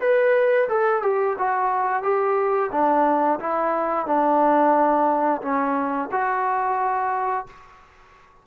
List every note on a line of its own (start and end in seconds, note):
0.00 0.67 B4
0.69 1.02 A4
1.02 1.36 G4
1.38 2.03 F#4
2.03 2.70 G4
2.72 3.39 D4
3.39 4.06 E4
4.06 5.41 D4
5.41 6.09 C#4
6.11 7.46 F#4